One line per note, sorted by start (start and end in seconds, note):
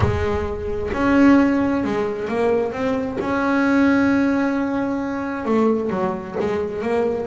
0.00 0.90 G#3
0.93 1.84 C#4
1.84 2.28 G#3
2.28 2.72 A#3
2.72 3.17 C4
3.20 5.45 C#4
5.45 5.90 A3
5.90 6.35 F#3
6.40 6.82 G#3
6.82 7.26 A#3